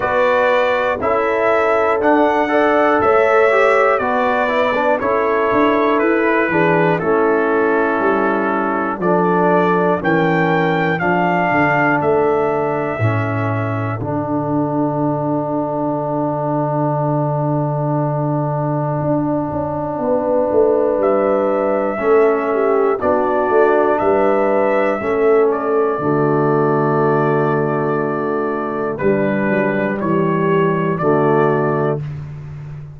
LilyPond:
<<
  \new Staff \with { instrumentName = "trumpet" } { \time 4/4 \tempo 4 = 60 d''4 e''4 fis''4 e''4 | d''4 cis''4 b'4 a'4~ | a'4 d''4 g''4 f''4 | e''2 fis''2~ |
fis''1~ | fis''4 e''2 d''4 | e''4. d''2~ d''8~ | d''4 b'4 cis''4 d''4 | }
  \new Staff \with { instrumentName = "horn" } { \time 4/4 b'4 a'4. d''8 cis''4 | b'4 a'4. gis'8 e'4~ | e'4 a'4 ais'4 a'4~ | a'1~ |
a'1 | b'2 a'8 g'8 fis'4 | b'4 a'4 fis'2~ | fis'4 d'4 g'4 fis'4 | }
  \new Staff \with { instrumentName = "trombone" } { \time 4/4 fis'4 e'4 d'8 a'4 g'8 | fis'8 e'16 d'16 e'4. d'8 cis'4~ | cis'4 d'4 cis'4 d'4~ | d'4 cis'4 d'2~ |
d'1~ | d'2 cis'4 d'4~ | d'4 cis'4 a2~ | a4 g2 a4 | }
  \new Staff \with { instrumentName = "tuba" } { \time 4/4 b4 cis'4 d'4 a4 | b4 cis'8 d'8 e'8 e8 a4 | g4 f4 e4 f8 d8 | a4 a,4 d2~ |
d2. d'8 cis'8 | b8 a8 g4 a4 b8 a8 | g4 a4 d2~ | d4 g8 fis8 e4 d4 | }
>>